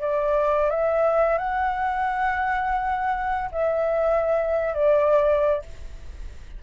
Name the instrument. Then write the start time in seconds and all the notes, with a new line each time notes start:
flute
0.00 D5
0.70 E5
1.38 F#5
3.51 E5
4.74 D5